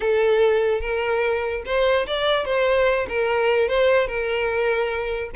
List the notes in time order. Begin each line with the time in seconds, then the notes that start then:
0.00 A4
0.81 A#4
1.65 C5
2.06 D5
2.45 C5
3.09 A#4
3.68 C5
4.07 A#4